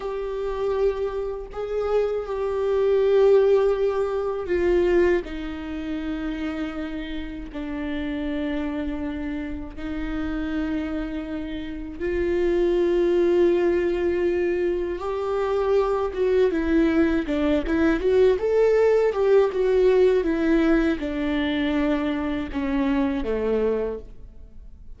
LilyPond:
\new Staff \with { instrumentName = "viola" } { \time 4/4 \tempo 4 = 80 g'2 gis'4 g'4~ | g'2 f'4 dis'4~ | dis'2 d'2~ | d'4 dis'2. |
f'1 | g'4. fis'8 e'4 d'8 e'8 | fis'8 a'4 g'8 fis'4 e'4 | d'2 cis'4 a4 | }